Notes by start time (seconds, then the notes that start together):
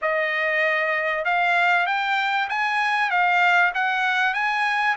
0.01 D#5
1.24 F5
1.86 G5
2.49 G#5
3.10 F5
3.74 F#5
4.34 G#5